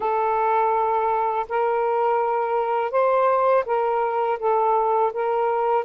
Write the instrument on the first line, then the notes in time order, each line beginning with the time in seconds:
saxophone
0.00 A4
1.48 A#4
2.91 C5
3.65 A#4
4.39 A4
5.13 A#4